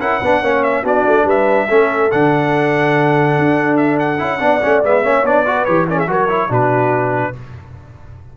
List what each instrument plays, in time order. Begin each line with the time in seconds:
0.00 tuba C#4, trombone E4, horn A#4, trumpet F#5
0.19 tuba B3, trombone D4, horn B4
0.41 tuba A#3, trombone C#4, horn C#5
0.63 trumpet E5
0.82 tuba B3, trombone D4, horn F#4, trumpet D5
1.06 tuba A3
1.24 tuba G3, horn B4, trumpet E5
1.67 tuba A3, trombone C#4, horn A4
2.11 tuba D3, trombone D4, trumpet F#5
3.38 tuba D4
3.76 trumpet E5
3.99 trumpet F#5
4.18 tuba C#4, trombone E4
4.40 tuba B3, trombone D4, horn D5
4.62 tuba A3, trombone C#4
4.83 tuba G#3, trombone B3, trumpet E5
5.03 tuba A#3, trombone C#4, horn C#5
5.22 tuba B3, trombone D4, trumpet D5
5.45 trombone F#4, horn B4
5.65 tuba E3, trombone G4, trumpet C#5
5.88 trombone C#4, horn A#4, trumpet D5
5.96 horn G#4, trumpet E5
6.07 tuba F#3, trombone F#4, horn A#4, trumpet C#5
6.28 trombone E4
6.49 tuba B2, trombone D4, horn F#4, trumpet B4